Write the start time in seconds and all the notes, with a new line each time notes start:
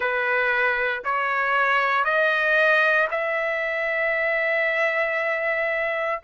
0.00 B4
1.04 C#5
2.04 D#5
3.10 E5